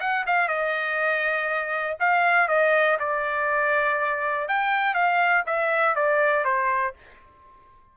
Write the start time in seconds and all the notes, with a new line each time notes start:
0.00 F#5
0.26 F5
0.48 D#5
1.99 F5
2.48 D#5
2.99 D5
4.48 G5
4.94 F5
5.46 E5
5.95 D5
6.44 C5